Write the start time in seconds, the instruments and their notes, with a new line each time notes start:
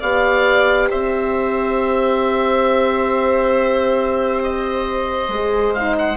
0.00 bassoon B3, horn G4, violin D5, oboe F5
0.90 bassoon C4, violin C5, oboe E5
4.44 oboe D#5
5.29 bassoon G#3, horn G#4
5.74 horn D#4, oboe F5
5.99 oboe F#5